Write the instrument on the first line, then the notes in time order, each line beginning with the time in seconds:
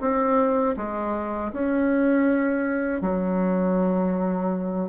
bassoon
0.00 C4
0.76 G#3
1.52 C#4
3.01 F#3